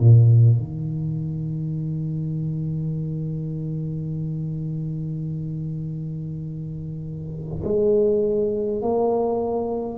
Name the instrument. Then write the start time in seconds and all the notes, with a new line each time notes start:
tuba
0.00 A#2
0.58 D#3
7.65 G#3
8.82 A#3